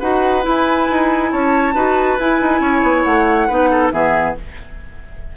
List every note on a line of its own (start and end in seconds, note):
0.00 0.45 D#4
0.00 0.43 F#4
0.00 1.30 B4
0.00 0.44 F#5
0.43 1.73 E4
0.43 0.90 E4
0.43 1.32 G#5
0.90 1.33 D#4
1.32 1.75 C#4
1.32 1.75 C#5
1.32 2.19 A5
1.75 2.18 D#4
1.75 2.18 F#4
1.75 2.61 B4
2.19 2.41 E4
2.19 3.50 E4
2.19 3.03 G#5
2.42 2.61 D#4
2.61 2.82 C#4
2.61 3.48 C#5
2.83 3.04 B3
3.03 3.49 A3
3.03 3.90 F#5
3.48 3.92 B3
3.48 3.92 D#4
3.48 3.70 B4
3.71 3.92 A4
3.92 4.36 E3
3.92 4.36 B3
3.92 4.37 G#4
3.92 4.36 E5